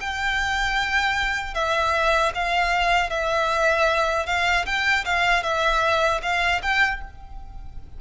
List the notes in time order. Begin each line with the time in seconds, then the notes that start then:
0.00 G5
1.54 E5
2.34 F5
3.10 E5
4.26 F5
4.65 G5
5.05 F5
5.43 E5
6.22 F5
6.62 G5